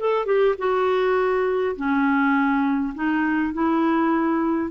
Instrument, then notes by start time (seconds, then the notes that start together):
clarinet
0.00 A4
0.26 G4
0.58 F#4
1.76 C#4
2.95 D#4
3.54 E4